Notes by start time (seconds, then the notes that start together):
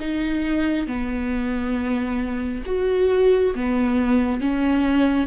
0.00 D#4
0.87 B3
2.66 F#4
3.56 B3
4.41 C#4